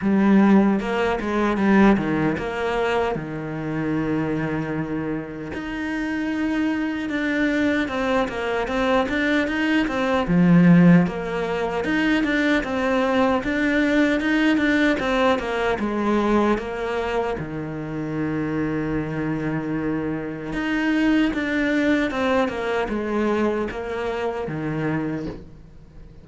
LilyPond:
\new Staff \with { instrumentName = "cello" } { \time 4/4 \tempo 4 = 76 g4 ais8 gis8 g8 dis8 ais4 | dis2. dis'4~ | dis'4 d'4 c'8 ais8 c'8 d'8 | dis'8 c'8 f4 ais4 dis'8 d'8 |
c'4 d'4 dis'8 d'8 c'8 ais8 | gis4 ais4 dis2~ | dis2 dis'4 d'4 | c'8 ais8 gis4 ais4 dis4 | }